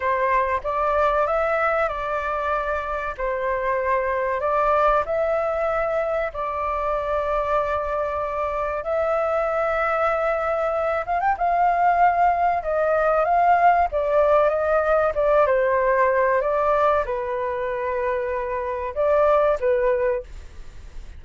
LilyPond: \new Staff \with { instrumentName = "flute" } { \time 4/4 \tempo 4 = 95 c''4 d''4 e''4 d''4~ | d''4 c''2 d''4 | e''2 d''2~ | d''2 e''2~ |
e''4. f''16 g''16 f''2 | dis''4 f''4 d''4 dis''4 | d''8 c''4. d''4 b'4~ | b'2 d''4 b'4 | }